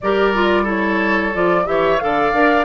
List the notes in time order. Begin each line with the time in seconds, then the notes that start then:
0.01 G3 G4 A#4 D5
0.34 F4
0.63 E4 A4 C#5
1.33 F3 F4 D5
1.65 E3 G4 C#5 E5
1.98 D3 A4 D5 F5
2.33 D4 A#4